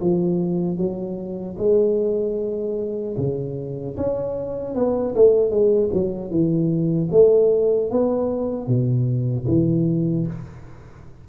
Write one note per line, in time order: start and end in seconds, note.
0.00 0.77 F3
0.77 1.56 F#3
1.58 3.16 G#3
3.17 3.96 C#3
3.96 4.74 C#4
4.74 5.14 B3
5.15 5.50 A3
5.50 5.89 G#3
5.93 6.30 F#3
6.30 7.09 E3
7.11 7.90 A3
7.90 8.67 B3
8.67 9.46 B2
9.47 10.26 E3